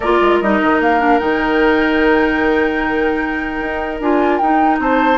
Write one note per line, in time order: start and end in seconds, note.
0.00 0.20 A#3
0.00 0.43 F4
0.00 4.80 A#4
0.00 0.39 D5
0.21 0.41 G#3
0.40 0.61 G3
0.40 0.99 D#4
0.40 0.80 D#5
0.61 0.79 D#3
0.79 1.19 A#3
0.79 1.19 F5
0.99 1.19 D4
1.19 3.60 D#3
1.19 4.00 D#4
1.19 3.99 G5
3.60 4.00 D#4
4.00 4.40 D4
4.00 4.41 F4
4.00 4.37 G#5
4.37 4.79 D#4
4.37 5.18 D#4
4.37 4.77 G5
4.79 5.18 C4
4.79 5.18 C5
4.79 5.18 A5